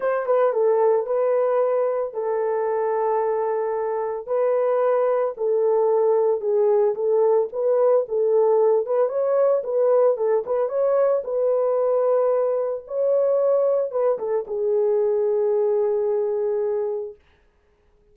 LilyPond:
\new Staff \with { instrumentName = "horn" } { \time 4/4 \tempo 4 = 112 c''8 b'8 a'4 b'2 | a'1 | b'2 a'2 | gis'4 a'4 b'4 a'4~ |
a'8 b'8 cis''4 b'4 a'8 b'8 | cis''4 b'2. | cis''2 b'8 a'8 gis'4~ | gis'1 | }